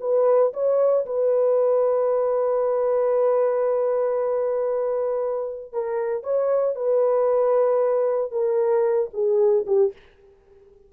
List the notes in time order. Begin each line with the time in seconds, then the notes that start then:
0.00 B4
0.53 C#5
1.06 B4
5.72 A#4
6.23 C#5
6.75 B4
8.31 A#4
9.13 G#4
9.66 G4